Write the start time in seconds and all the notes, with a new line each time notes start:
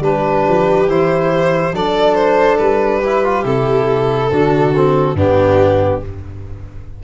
0.00 G3 D4 G4 B4
0.48 F3
0.87 E3 E4 C5
1.72 F#3 D4 A4 D5
2.14 C5
2.58 G3 B4
2.99 E4 G4
3.24 F4
3.44 C3 E4 A4
4.31 D3 D4 F#4
4.75 C4
5.14 G2 B3 D4 G4